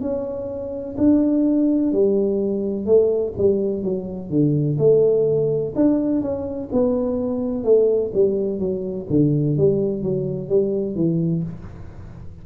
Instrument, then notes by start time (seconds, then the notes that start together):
tuba
0.00 C#4
0.97 D4
1.92 G3
2.85 A3
3.37 G3
3.82 F#3
4.29 D3
4.78 A3
5.75 D4
6.21 C#4
6.71 B3
7.64 A3
8.13 G3
8.59 F#3
9.09 D3
9.57 G3
10.02 F#3
10.49 G3
10.95 E3